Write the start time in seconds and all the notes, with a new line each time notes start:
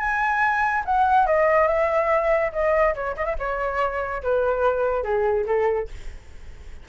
0.00 G#5
0.85 F#5
1.27 D#5
1.68 E5
2.53 D#5
2.95 C#5
3.17 D#5
3.26 E5
3.39 C#5
4.23 B4
5.03 G#4
5.47 A4